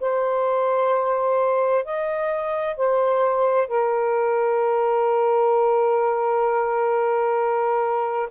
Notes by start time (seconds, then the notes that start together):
0.00 C5
1.84 D#5
2.77 C5
3.68 A#4